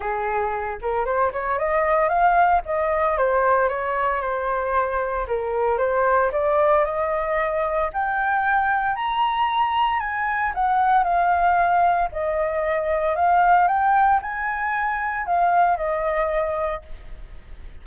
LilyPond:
\new Staff \with { instrumentName = "flute" } { \time 4/4 \tempo 4 = 114 gis'4. ais'8 c''8 cis''8 dis''4 | f''4 dis''4 c''4 cis''4 | c''2 ais'4 c''4 | d''4 dis''2 g''4~ |
g''4 ais''2 gis''4 | fis''4 f''2 dis''4~ | dis''4 f''4 g''4 gis''4~ | gis''4 f''4 dis''2 | }